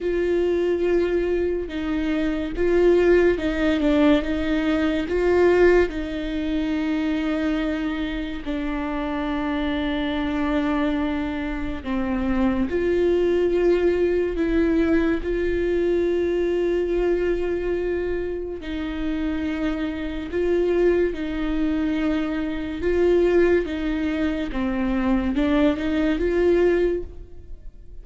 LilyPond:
\new Staff \with { instrumentName = "viola" } { \time 4/4 \tempo 4 = 71 f'2 dis'4 f'4 | dis'8 d'8 dis'4 f'4 dis'4~ | dis'2 d'2~ | d'2 c'4 f'4~ |
f'4 e'4 f'2~ | f'2 dis'2 | f'4 dis'2 f'4 | dis'4 c'4 d'8 dis'8 f'4 | }